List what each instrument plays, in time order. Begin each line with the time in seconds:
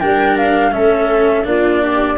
0.00 tuba G3, cello D4, viola A#4, flute G5
0.37 flute F5
0.71 tuba A3, cello C#4, viola A4, flute E5
1.44 tuba A#3, cello D4, viola F4, flute D5
1.84 viola G4